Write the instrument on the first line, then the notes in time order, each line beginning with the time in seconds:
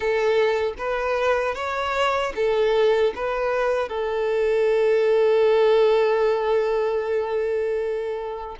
violin
0.00 A4
0.78 B4
1.54 C#5
2.35 A4
3.15 B4
3.88 A4